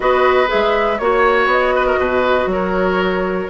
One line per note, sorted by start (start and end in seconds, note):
0.00 0.48 B3
0.00 0.47 F#4
0.00 1.00 B4
0.00 0.49 D#5
0.47 0.97 G#4
0.47 0.98 E5
0.53 0.99 G#3
0.98 1.46 A#3
0.98 3.49 F#4
0.98 1.48 C#5
0.98 1.75 C#5
1.46 1.96 B3
1.46 2.50 D#5
1.75 1.86 B4
1.86 1.98 A#4
1.98 2.46 B2
1.98 2.49 B4
2.46 3.46 F#3
2.46 3.49 A#4
2.46 3.49 C#5